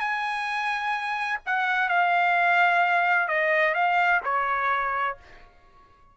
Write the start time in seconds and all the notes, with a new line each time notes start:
0.00 G#5
1.47 F#5
1.89 F5
3.28 D#5
3.75 F5
4.25 C#5